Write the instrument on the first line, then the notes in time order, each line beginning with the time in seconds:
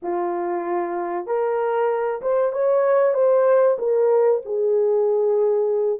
horn
0.02 F4
1.26 A#4
2.21 C5
2.52 C#5
3.14 C5
3.78 A#4
4.45 G#4